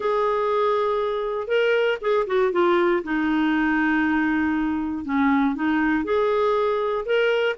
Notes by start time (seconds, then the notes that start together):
0.00 G#4
1.47 A#4
2.01 G#4
2.27 F#4
2.52 F4
3.03 D#4
5.04 C#4
5.55 D#4
6.04 G#4
7.05 A#4